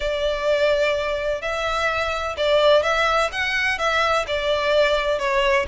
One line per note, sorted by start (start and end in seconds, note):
0.00 1.41 D5
1.41 2.36 E5
2.37 2.83 D5
2.83 3.30 E5
3.32 3.78 F#5
3.78 4.25 E5
4.27 5.18 D5
5.18 5.66 C#5